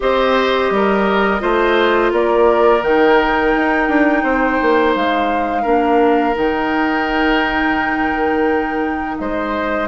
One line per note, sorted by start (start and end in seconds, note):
0.00 0.70 C4
0.00 1.39 G4
0.00 0.72 C5
0.00 2.12 D#5
0.70 1.41 G3
0.70 1.41 A#4
1.39 2.12 A3
1.39 2.80 F4
1.39 2.12 C5
2.12 2.82 A#3
2.12 4.22 A#4
2.12 2.82 D5
2.82 3.53 D#3
2.82 5.64 D#4
2.82 4.94 G5
3.56 3.88 D#4
3.88 4.23 D4
4.22 4.58 C4
4.22 5.62 C5
4.61 4.95 A#3
4.95 5.65 G#3
4.95 6.36 F5
5.62 6.35 A#3
5.62 6.34 D4
5.62 9.15 A#4
6.34 9.19 D#3
6.34 9.87 D#4
6.34 9.18 G5
9.18 9.87 G#3
9.18 9.87 C5
9.18 9.87 D#5